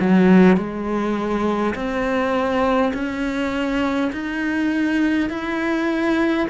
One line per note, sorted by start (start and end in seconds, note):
0.00 0.57 F#3
0.57 1.74 G#3
1.74 2.92 C4
2.94 4.11 C#4
4.12 5.29 D#4
5.29 6.47 E4